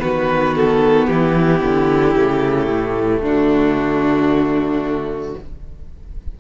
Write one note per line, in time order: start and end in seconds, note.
0.00 1.08 D#3
0.00 2.14 B3
0.00 1.10 F#4
0.00 0.55 B4
0.56 1.08 A4
1.08 1.62 E3
1.08 3.21 E4
1.08 3.22 G4
1.63 2.16 D3
2.15 2.68 C#3
2.15 5.37 A3
2.68 3.21 A2
3.21 5.35 D3
3.21 5.35 D4
3.21 5.40 F#4